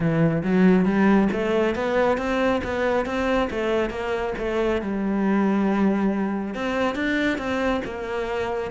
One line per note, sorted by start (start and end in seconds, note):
0.00 0.42 E3
0.43 0.85 F#3
0.85 1.28 G3
1.32 1.75 A3
1.75 2.17 B3
2.17 2.61 C4
2.63 3.05 B3
3.05 3.49 C4
3.50 3.90 A3
3.90 4.33 A#3
4.38 4.81 A3
4.81 6.54 G3
6.54 6.95 C4
6.95 7.38 D4
7.38 7.81 C4
7.85 8.71 A#3